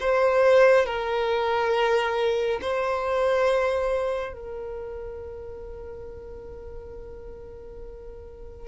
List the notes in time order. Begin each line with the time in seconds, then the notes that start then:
0.00 C5
0.86 A#4
2.61 C5
4.33 A#4